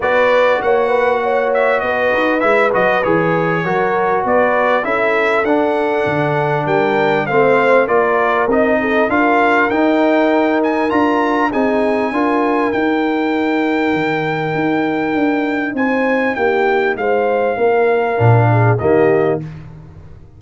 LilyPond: <<
  \new Staff \with { instrumentName = "trumpet" } { \time 4/4 \tempo 4 = 99 d''4 fis''4. e''8 dis''4 | e''8 dis''8 cis''2 d''4 | e''4 fis''2 g''4 | f''4 d''4 dis''4 f''4 |
g''4. gis''8 ais''4 gis''4~ | gis''4 g''2.~ | g''2 gis''4 g''4 | f''2. dis''4 | }
  \new Staff \with { instrumentName = "horn" } { \time 4/4 b'4 cis''8 b'8 cis''4 b'4~ | b'2 ais'4 b'4 | a'2. ais'4 | c''4 ais'4. a'8 ais'4~ |
ais'2. gis'4 | ais'1~ | ais'2 c''4 g'4 | c''4 ais'4. gis'8 g'4 | }
  \new Staff \with { instrumentName = "trombone" } { \time 4/4 fis'1 | e'8 fis'8 gis'4 fis'2 | e'4 d'2. | c'4 f'4 dis'4 f'4 |
dis'2 f'4 dis'4 | f'4 dis'2.~ | dis'1~ | dis'2 d'4 ais4 | }
  \new Staff \with { instrumentName = "tuba" } { \time 4/4 b4 ais2 b8 dis'8 | gis8 fis8 e4 fis4 b4 | cis'4 d'4 d4 g4 | a4 ais4 c'4 d'4 |
dis'2 d'4 c'4 | d'4 dis'2 dis4 | dis'4 d'4 c'4 ais4 | gis4 ais4 ais,4 dis4 | }
>>